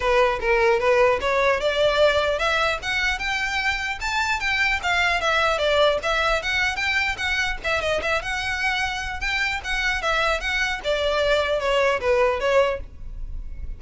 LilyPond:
\new Staff \with { instrumentName = "violin" } { \time 4/4 \tempo 4 = 150 b'4 ais'4 b'4 cis''4 | d''2 e''4 fis''4 | g''2 a''4 g''4 | f''4 e''4 d''4 e''4 |
fis''4 g''4 fis''4 e''8 dis''8 | e''8 fis''2~ fis''8 g''4 | fis''4 e''4 fis''4 d''4~ | d''4 cis''4 b'4 cis''4 | }